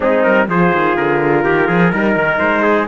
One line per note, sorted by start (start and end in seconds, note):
0.00 0.24 G#3
0.00 0.48 C4
0.00 0.47 D#4
0.00 0.23 G#4
0.23 0.47 G3
0.23 0.47 A#4
0.47 0.71 F3
0.47 1.90 F4
0.47 1.44 G#4
0.47 0.96 C5
0.73 0.97 D#3
0.96 1.45 D3
0.96 2.38 A#4
1.44 1.68 D#3
1.44 1.67 G4
1.67 1.92 F3
1.67 1.91 G#4
1.90 2.15 G3
1.90 2.86 D#4
1.90 2.62 A#4
2.15 2.39 D#3
2.38 2.88 G#3
2.38 2.86 C5
2.62 2.86 G#4